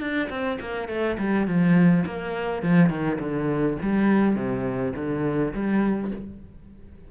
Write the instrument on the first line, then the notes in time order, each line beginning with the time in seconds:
cello
0.00 D4
0.30 C4
0.61 A#3
0.88 A3
1.19 G3
1.47 F3
2.06 A#3
2.62 F3
2.90 D#3
3.20 D3
3.82 G3
4.36 C3
4.96 D3
5.54 G3